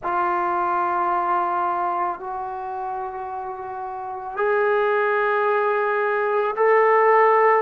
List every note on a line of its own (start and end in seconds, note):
0.03 2.20 F4
2.20 4.36 F#4
4.36 6.55 G#4
6.56 7.62 A4